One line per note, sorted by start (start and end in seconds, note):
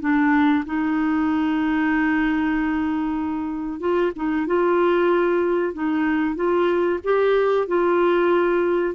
0.00 0.64 D4
0.65 3.79 D#4
3.79 4.11 F4
4.16 4.47 D#4
4.47 5.73 F4
5.73 6.35 D#4
6.35 6.99 F4
7.04 7.67 G4
7.67 8.94 F4